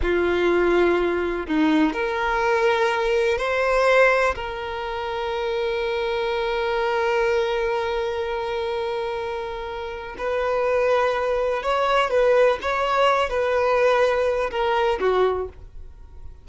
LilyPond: \new Staff \with { instrumentName = "violin" } { \time 4/4 \tempo 4 = 124 f'2. dis'4 | ais'2. c''4~ | c''4 ais'2.~ | ais'1~ |
ais'1~ | ais'4 b'2. | cis''4 b'4 cis''4. b'8~ | b'2 ais'4 fis'4 | }